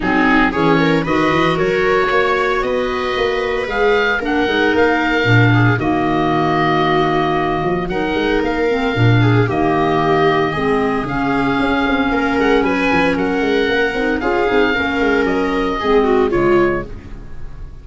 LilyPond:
<<
  \new Staff \with { instrumentName = "oboe" } { \time 4/4 \tempo 4 = 114 gis'4 cis''4 dis''4 cis''4~ | cis''4 dis''2 f''4 | fis''4 f''2 dis''4~ | dis''2. fis''4 |
f''2 dis''2~ | dis''4 f''2~ f''8 fis''8 | gis''4 fis''2 f''4~ | f''4 dis''2 cis''4 | }
  \new Staff \with { instrumentName = "viola" } { \time 4/4 dis'4 gis'8 ais'8 b'4 ais'4 | cis''4 b'2. | ais'2~ ais'8 gis'8 fis'4~ | fis'2. ais'4~ |
ais'4. gis'8 g'2 | gis'2. ais'4 | b'4 ais'2 gis'4 | ais'2 gis'8 fis'8 f'4 | }
  \new Staff \with { instrumentName = "clarinet" } { \time 4/4 c'4 cis'4 fis'2~ | fis'2. gis'4 | d'8 dis'4. d'4 ais4~ | ais2. dis'4~ |
dis'8 c'8 d'4 ais2 | c'4 cis'2.~ | cis'2~ cis'8 dis'8 f'8 dis'8 | cis'2 c'4 gis4 | }
  \new Staff \with { instrumentName = "tuba" } { \time 4/4 fis4 e4 dis8 e8 fis4 | ais4 b4 ais4 gis4 | ais8 gis8 ais4 ais,4 dis4~ | dis2~ dis8 f8 fis8 gis8 |
ais4 ais,4 dis2 | gis4 cis4 cis'8 c'8 ais8 gis8 | fis8 f8 fis8 gis8 ais8 c'8 cis'8 c'8 | ais8 gis8 fis4 gis4 cis4 | }
>>